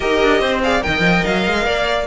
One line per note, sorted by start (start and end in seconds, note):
0.00 0.22 D#4
0.00 0.62 G4
0.00 0.40 A#4
0.00 0.61 D#5
0.22 0.40 D4
0.40 0.82 C4
0.40 0.61 C5
0.63 0.82 G#4
0.63 0.85 D5
0.63 0.83 F5
0.82 1.00 D#3
0.82 2.07 A#4
0.82 1.65 D#5
0.82 1.24 G5
1.00 1.21 F3
1.24 1.47 F#3
1.24 2.07 F5
1.47 1.65 G#3
1.65 2.07 A#3
1.65 2.07 D5